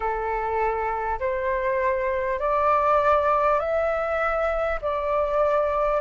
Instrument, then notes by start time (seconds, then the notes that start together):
flute
0.00 A4
1.19 C5
2.39 D5
3.59 E5
4.81 D5